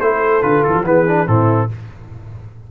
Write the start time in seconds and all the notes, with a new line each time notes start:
0.00 A3 E4 A4 C5
0.42 D3 F4 B4
0.63 E3 A4
0.75 F3
0.85 E3 B3 G#4 B4
1.07 D4
1.26 A2 C4 E4 A4